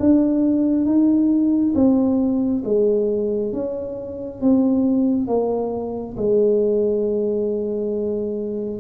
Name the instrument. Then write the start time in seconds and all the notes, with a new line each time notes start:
tuba
0.00 D4
0.85 D#4
1.75 C4
2.65 G#3
3.53 C#4
4.41 C4
5.27 A#3
6.17 G#3